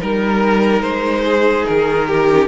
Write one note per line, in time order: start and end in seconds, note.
0.00 0.81 G3
0.00 2.29 D#4
0.00 1.25 A#4
0.00 0.82 A#4
0.81 1.65 G#3
0.81 1.66 C5
1.25 2.08 G#4
1.67 2.48 D#3
1.67 2.48 A#4
2.08 2.48 G4
2.31 2.48 C#4